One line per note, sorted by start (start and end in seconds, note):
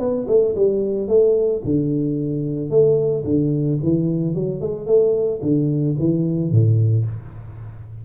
0.00 0.27 B3
0.28 0.55 A3
0.56 1.09 G3
1.09 1.63 A3
1.65 2.71 D3
2.71 3.25 A3
3.25 3.79 D3
3.83 4.35 E3
4.35 4.61 F#3
4.61 4.87 G#3
4.87 5.41 A3
5.43 5.97 D3
5.99 6.52 E3
6.52 7.06 A2